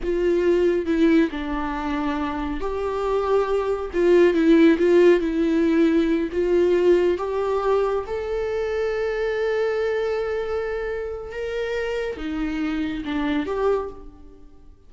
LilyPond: \new Staff \with { instrumentName = "viola" } { \time 4/4 \tempo 4 = 138 f'2 e'4 d'4~ | d'2 g'2~ | g'4 f'4 e'4 f'4 | e'2~ e'8 f'4.~ |
f'8 g'2 a'4.~ | a'1~ | a'2 ais'2 | dis'2 d'4 g'4 | }